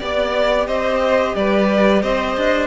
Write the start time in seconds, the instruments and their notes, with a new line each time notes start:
0.00 cello B3, viola G4, violin D5
0.68 cello C4, violin C5 D#5
1.36 cello G3, violin B4 D5
2.03 cello C4, violin C5 D#5
2.37 cello D4